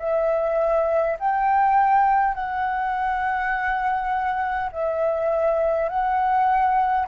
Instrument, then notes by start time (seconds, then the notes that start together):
flute
0.00 E5
1.20 G5
2.35 F#5
4.73 E5
5.89 F#5